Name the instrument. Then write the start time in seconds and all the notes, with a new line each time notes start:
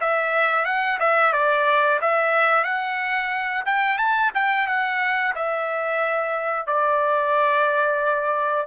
trumpet
0.00 E5
0.65 F#5
0.99 E5
1.33 D5
2.01 E5
2.64 F#5
3.65 G5
3.98 A5
4.34 G5
4.67 F#5
5.35 E5
6.66 D5